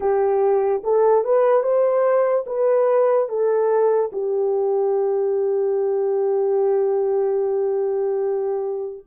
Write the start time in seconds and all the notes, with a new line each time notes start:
0.00 G4
0.83 A4
1.24 B4
1.62 C5
2.46 B4
3.28 A4
4.12 G4